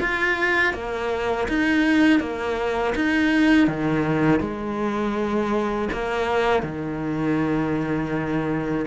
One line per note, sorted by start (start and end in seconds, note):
0.00 0.74 F4
0.74 1.48 A#3
1.48 2.20 D#4
2.20 2.94 A#3
2.95 3.68 D#4
3.68 4.40 D#3
4.40 5.88 G#3
5.93 6.63 A#3
6.63 8.85 D#3